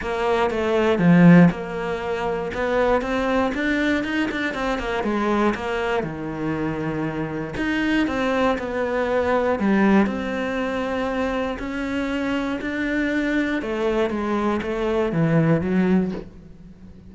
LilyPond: \new Staff \with { instrumentName = "cello" } { \time 4/4 \tempo 4 = 119 ais4 a4 f4 ais4~ | ais4 b4 c'4 d'4 | dis'8 d'8 c'8 ais8 gis4 ais4 | dis2. dis'4 |
c'4 b2 g4 | c'2. cis'4~ | cis'4 d'2 a4 | gis4 a4 e4 fis4 | }